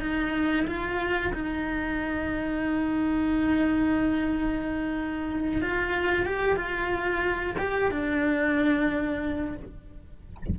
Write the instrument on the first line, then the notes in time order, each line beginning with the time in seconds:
cello
0.00 D#4
0.67 F4
1.33 D#4
5.61 F4
6.25 G4
6.56 F4
7.58 G4
7.91 D4